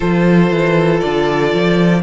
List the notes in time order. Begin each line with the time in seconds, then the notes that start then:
0.00 F3 F4 A4 C5
0.50 E3
1.00 D3 D5
1.53 F3